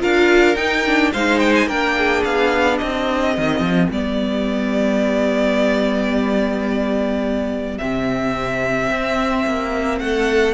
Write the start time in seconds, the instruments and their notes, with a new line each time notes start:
0.00 cello D4, viola F4, violin A#4 F5
0.56 cello D#4, viola D#4, violin G5
0.86 viola D4
1.13 cello G#3, viola D#4, violin C5 F5
1.39 violin G5
1.55 violin G#5
1.67 cello A#3, viola D4, violin A#4 G5
1.98 violin G#4
2.24 cello B3, violin F5
2.78 cello C4, violin G4 D#5
3.37 cello D#3, viola C4
3.60 cello F3
3.91 cello G3, viola B3, violin D5
7.78 cello C3, viola C4, violin E5
8.90 cello C4
9.47 cello A#3
9.99 cello A3, violin A4 F#5